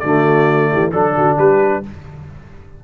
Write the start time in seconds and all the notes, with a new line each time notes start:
0.00 D3 A3 F#4 D5
0.73 E3 G4
0.91 F#3 D4 A4
1.17 D3 F#4
1.38 G3 G4 B4